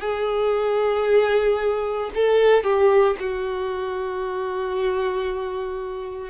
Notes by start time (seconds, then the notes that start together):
0.00 G#4
2.14 A4
2.63 G4
3.19 F#4